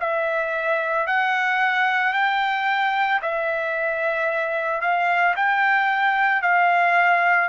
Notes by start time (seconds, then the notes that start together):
0.00 E5
1.07 F#5
2.13 G5
3.22 E5
4.81 F5
5.36 G5
6.42 F5